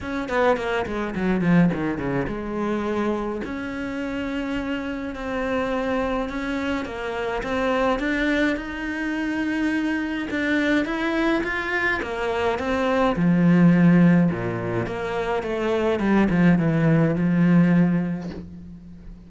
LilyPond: \new Staff \with { instrumentName = "cello" } { \time 4/4 \tempo 4 = 105 cis'8 b8 ais8 gis8 fis8 f8 dis8 cis8 | gis2 cis'2~ | cis'4 c'2 cis'4 | ais4 c'4 d'4 dis'4~ |
dis'2 d'4 e'4 | f'4 ais4 c'4 f4~ | f4 ais,4 ais4 a4 | g8 f8 e4 f2 | }